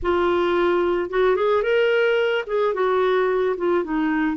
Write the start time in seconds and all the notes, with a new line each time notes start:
0.02 F4
1.10 F#4
1.36 G#4
1.62 A#4
2.47 G#4
2.74 F#4
3.57 F4
3.83 D#4